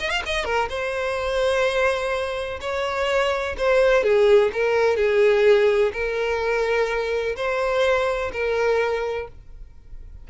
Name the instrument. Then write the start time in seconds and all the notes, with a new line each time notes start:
violin
0.00 D#5
0.10 F5
0.26 D#5
0.45 A#4
0.69 C5
2.61 C#5
3.58 C5
4.04 G#4
4.53 A#4
4.97 G#4
5.93 A#4
7.36 C5
8.32 A#4